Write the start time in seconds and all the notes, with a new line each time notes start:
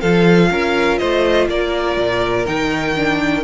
0.00 F3 F4 A4 F5
0.50 C#4 A#4
0.97 A3 C5 D#5
1.48 A#3 A#4 D5
1.97 A#2
2.46 D#3 D#4 G5
2.95 D4